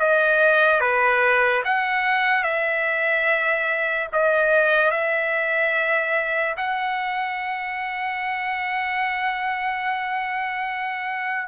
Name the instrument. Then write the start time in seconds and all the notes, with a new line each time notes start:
trumpet
0.00 D#5
0.81 B4
1.65 F#5
2.44 E5
4.13 D#5
4.91 E5
6.58 F#5